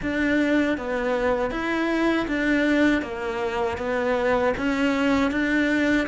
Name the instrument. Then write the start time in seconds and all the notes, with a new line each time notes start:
cello
0.02 D4
0.77 B3
1.51 E4
2.27 D4
3.01 A#3
3.77 B3
4.57 C#4
5.31 D4